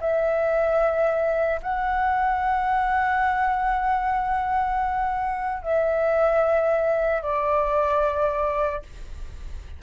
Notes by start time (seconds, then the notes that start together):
0.00 E5
1.62 F#5
5.62 E5
7.22 D5